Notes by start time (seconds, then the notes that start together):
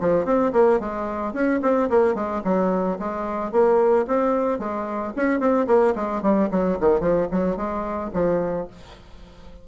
0.00 F3
0.25 C4
0.52 A#3
0.80 G#3
1.33 C#4
1.62 C4
1.90 A#3
2.14 G#3
2.44 F#3
2.99 G#3
3.51 A#3
4.07 C4
4.59 G#3
5.16 C#4
5.39 C4
5.67 A#3
5.95 G#3
6.22 G3
6.51 F#3
6.80 D#3
7.00 F3
7.31 F#3
7.56 G#3
8.13 F3